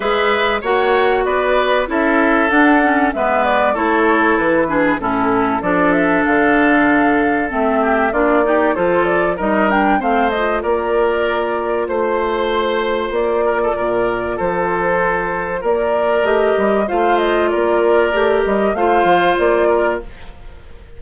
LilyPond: <<
  \new Staff \with { instrumentName = "flute" } { \time 4/4 \tempo 4 = 96 e''4 fis''4 d''4 e''4 | fis''4 e''8 d''8 cis''4 b'4 | a'4 d''8 e''8 f''2 | e''4 d''4 c''8 d''8 dis''8 g''8 |
f''8 dis''8 d''2 c''4~ | c''4 d''2 c''4~ | c''4 d''4 dis''4 f''8 dis''8 | d''4. dis''8 f''4 d''4 | }
  \new Staff \with { instrumentName = "oboe" } { \time 4/4 b'4 cis''4 b'4 a'4~ | a'4 b'4 a'4. gis'8 | e'4 a'2.~ | a'8 g'8 f'8 g'8 a'4 ais'4 |
c''4 ais'2 c''4~ | c''4. ais'16 a'16 ais'4 a'4~ | a'4 ais'2 c''4 | ais'2 c''4. ais'8 | }
  \new Staff \with { instrumentName = "clarinet" } { \time 4/4 gis'4 fis'2 e'4 | d'8 cis'8 b4 e'4. d'8 | cis'4 d'2. | c'4 d'8 dis'8 f'4 dis'8 d'8 |
c'8 f'2.~ f'8~ | f'1~ | f'2 g'4 f'4~ | f'4 g'4 f'2 | }
  \new Staff \with { instrumentName = "bassoon" } { \time 4/4 gis4 ais4 b4 cis'4 | d'4 gis4 a4 e4 | a,4 f4 d2 | a4 ais4 f4 g4 |
a4 ais2 a4~ | a4 ais4 ais,4 f4~ | f4 ais4 a8 g8 a4 | ais4 a8 g8 a8 f8 ais4 | }
>>